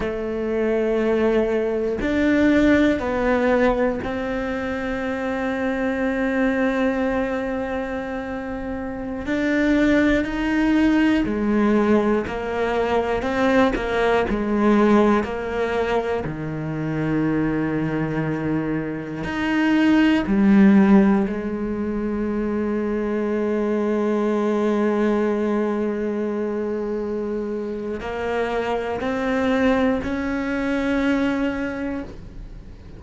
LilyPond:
\new Staff \with { instrumentName = "cello" } { \time 4/4 \tempo 4 = 60 a2 d'4 b4 | c'1~ | c'4~ c'16 d'4 dis'4 gis8.~ | gis16 ais4 c'8 ais8 gis4 ais8.~ |
ais16 dis2. dis'8.~ | dis'16 g4 gis2~ gis8.~ | gis1 | ais4 c'4 cis'2 | }